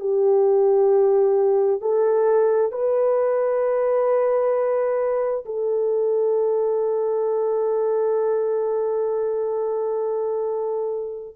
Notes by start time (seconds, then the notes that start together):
0.00 G4
1.81 A4
2.72 B4
5.45 A4